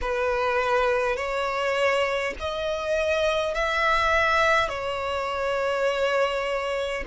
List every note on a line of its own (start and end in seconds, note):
0.01 1.16 B4
1.16 2.34 C#5
2.39 3.54 D#5
3.54 4.68 E5
4.68 7.04 C#5